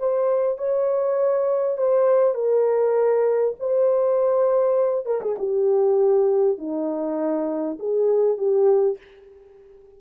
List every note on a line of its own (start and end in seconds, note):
0.00 0.58 C5
0.58 1.78 C#5
1.78 2.35 C5
2.35 3.55 A#4
3.60 5.06 C5
5.06 5.21 A#4
5.22 5.37 G#4
5.39 6.59 G4
6.59 7.79 D#4
7.79 8.38 G#4
8.38 8.98 G4